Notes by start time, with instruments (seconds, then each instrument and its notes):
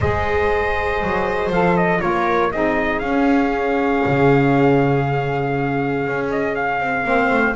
0.00 double bass G#3, saxophone G#4, viola C5, trumpet D#5
1.02 double bass F#3
1.49 double bass F3, saxophone A4, trumpet F5
1.77 trumpet D#5
1.99 double bass A#3, saxophone F4, viola A#4, trumpet C#5
2.51 double bass C4, saxophone D#4, viola G#4, trumpet D#5
2.99 double bass C#4, saxophone C#4, trumpet F5
4.05 double bass C#3
6.06 double bass C#4
6.30 trumpet D#5
6.55 trumpet F5
6.79 double bass C4
7.04 double bass A#3, saxophone C4, viola C5
7.29 double bass A3